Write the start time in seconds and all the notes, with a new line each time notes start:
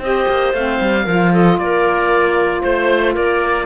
0.00 C4 G4 C5 D#5
0.28 A#3
0.53 A3 C4 F5
0.81 G3
1.05 F3 F4 A#4
1.32 A4 D#5
1.58 A#3 A#4 D5
2.62 A3 C5
3.14 A#3 A#4 D5